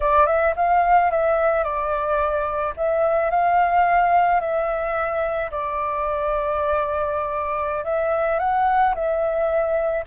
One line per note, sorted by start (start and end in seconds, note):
0.00 0.26 D5
0.26 0.54 E5
0.56 1.10 F5
1.10 1.63 E5
1.63 2.73 D5
2.76 3.30 E5
3.30 4.40 F5
4.40 5.50 E5
5.50 7.84 D5
7.84 8.39 E5
8.39 8.94 F#5
8.94 10.05 E5